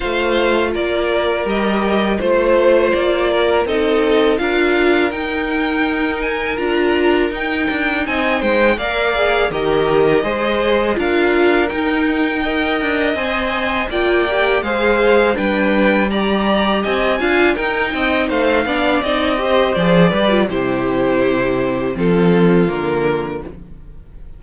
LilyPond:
<<
  \new Staff \with { instrumentName = "violin" } { \time 4/4 \tempo 4 = 82 f''4 d''4 dis''4 c''4 | d''4 dis''4 f''4 g''4~ | g''8 gis''8 ais''4 g''4 gis''8 g''8 | f''4 dis''2 f''4 |
g''2 gis''4 g''4 | f''4 g''4 ais''4 gis''4 | g''4 f''4 dis''4 d''4 | c''2 a'4 ais'4 | }
  \new Staff \with { instrumentName = "violin" } { \time 4/4 c''4 ais'2 c''4~ | c''8 ais'8 a'4 ais'2~ | ais'2. dis''8 c''8 | d''4 ais'4 c''4 ais'4~ |
ais'4 dis''2 d''4 | c''4 b'4 d''4 dis''8 f''8 | ais'8 dis''8 c''8 d''4 c''4 b'8 | g'2 f'2 | }
  \new Staff \with { instrumentName = "viola" } { \time 4/4 f'2 g'4 f'4~ | f'4 dis'4 f'4 dis'4~ | dis'4 f'4 dis'2 | ais'8 gis'8 g'4 gis'4 f'4 |
dis'4 ais'4 c''4 f'8 g'8 | gis'4 d'4 g'4. f'8 | dis'4. d'8 dis'8 g'8 gis'8 g'16 f'16 | e'2 c'4 ais4 | }
  \new Staff \with { instrumentName = "cello" } { \time 4/4 a4 ais4 g4 a4 | ais4 c'4 d'4 dis'4~ | dis'4 d'4 dis'8 d'8 c'8 gis8 | ais4 dis4 gis4 d'4 |
dis'4. d'8 c'4 ais4 | gis4 g2 c'8 d'8 | dis'8 c'8 a8 b8 c'4 f8 g8 | c2 f4 d4 | }
>>